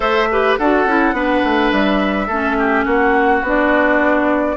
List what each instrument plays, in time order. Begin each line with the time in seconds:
0.00 bassoon A3, clarinet A4, oboe C5, flute E5
0.31 clarinet G4, oboe B4
0.57 bassoon D4, clarinet F#4, oboe A4, flute F#5
0.85 bassoon C#4, clarinet E4
1.12 bassoon B3, clarinet D4, oboe B4
1.44 bassoon A3
1.71 bassoon G3, flute E5
2.27 bassoon A3, clarinet C#4, oboe A4
2.58 oboe G4
2.84 bassoon A#3, oboe F#4, flute F#5
3.42 bassoon B3, clarinet D4, flute D5